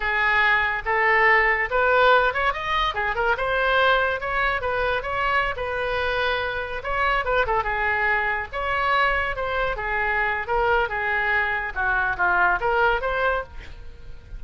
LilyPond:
\new Staff \with { instrumentName = "oboe" } { \time 4/4 \tempo 4 = 143 gis'2 a'2 | b'4. cis''8 dis''4 gis'8 ais'8 | c''2 cis''4 b'4 | cis''4~ cis''16 b'2~ b'8.~ |
b'16 cis''4 b'8 a'8 gis'4.~ gis'16~ | gis'16 cis''2 c''4 gis'8.~ | gis'4 ais'4 gis'2 | fis'4 f'4 ais'4 c''4 | }